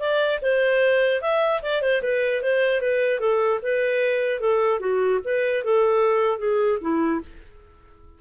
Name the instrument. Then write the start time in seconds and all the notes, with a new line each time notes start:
clarinet
0.00 D5
0.42 C5
1.22 E5
1.62 D5
1.82 C5
2.03 B4
2.42 C5
2.81 B4
3.20 A4
3.63 B4
4.40 A4
4.80 F#4
5.24 B4
5.65 A4
6.39 G#4
6.81 E4